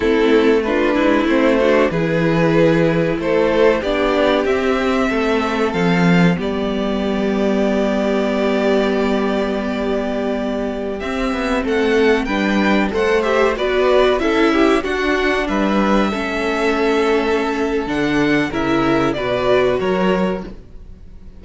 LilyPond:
<<
  \new Staff \with { instrumentName = "violin" } { \time 4/4 \tempo 4 = 94 a'4 b'4 c''4 b'4~ | b'4 c''4 d''4 e''4~ | e''4 f''4 d''2~ | d''1~ |
d''4~ d''16 e''4 fis''4 g''8.~ | g''16 fis''8 e''8 d''4 e''4 fis''8.~ | fis''16 e''2.~ e''8. | fis''4 e''4 d''4 cis''4 | }
  \new Staff \with { instrumentName = "violin" } { \time 4/4 e'4 f'8 e'4 fis'8 gis'4~ | gis'4 a'4 g'2 | a'2 g'2~ | g'1~ |
g'2~ g'16 a'4 b'8.~ | b'16 c''4 b'4 a'8 g'8 fis'8.~ | fis'16 b'4 a'2~ a'8.~ | a'4 ais'4 b'4 ais'4 | }
  \new Staff \with { instrumentName = "viola" } { \time 4/4 c'4 d'4 c'8 d'8 e'4~ | e'2 d'4 c'4~ | c'2 b2~ | b1~ |
b4~ b16 c'2 d'8.~ | d'16 a'8 g'8 fis'4 e'4 d'8.~ | d'4~ d'16 cis'2~ cis'8. | d'4 e'4 fis'2 | }
  \new Staff \with { instrumentName = "cello" } { \time 4/4 a4. gis8 a4 e4~ | e4 a4 b4 c'4 | a4 f4 g2~ | g1~ |
g4~ g16 c'8 b8 a4 g8.~ | g16 a4 b4 cis'4 d'8.~ | d'16 g4 a2~ a8. | d4 cis4 b,4 fis4 | }
>>